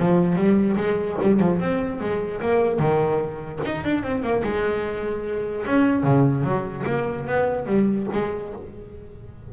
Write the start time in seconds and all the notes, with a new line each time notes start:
0.00 F3
0.36 G3
0.77 G#3
1.22 G3
1.40 F3
1.60 C4
2.00 G#3
2.41 A#3
2.79 D#3
3.66 D#4
3.85 D4
4.04 C4
4.23 A#3
4.44 G#3
5.66 C#4
6.04 C#3
6.44 F#3
6.87 A#3
7.28 B3
7.67 G3
8.13 G#3